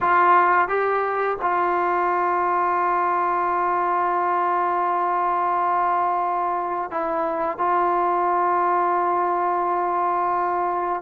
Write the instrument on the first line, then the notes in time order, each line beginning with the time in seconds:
trombone
0.00 F4
0.68 G4
1.41 F4
6.90 E4
7.57 F4